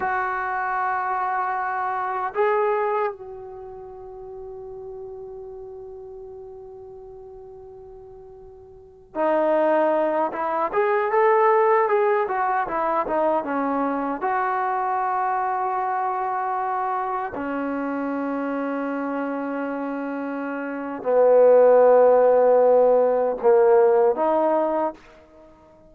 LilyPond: \new Staff \with { instrumentName = "trombone" } { \time 4/4 \tempo 4 = 77 fis'2. gis'4 | fis'1~ | fis'2.~ fis'8. dis'16~ | dis'4~ dis'16 e'8 gis'8 a'4 gis'8 fis'16~ |
fis'16 e'8 dis'8 cis'4 fis'4.~ fis'16~ | fis'2~ fis'16 cis'4.~ cis'16~ | cis'2. b4~ | b2 ais4 dis'4 | }